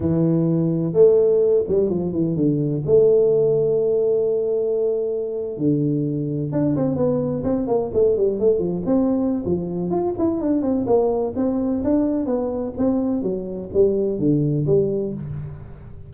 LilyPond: \new Staff \with { instrumentName = "tuba" } { \time 4/4 \tempo 4 = 127 e2 a4. g8 | f8 e8 d4 a2~ | a2.~ a8. d16~ | d4.~ d16 d'8 c'8 b4 c'16~ |
c'16 ais8 a8 g8 a8 f8 c'4~ c'16 | f4 f'8 e'8 d'8 c'8 ais4 | c'4 d'4 b4 c'4 | fis4 g4 d4 g4 | }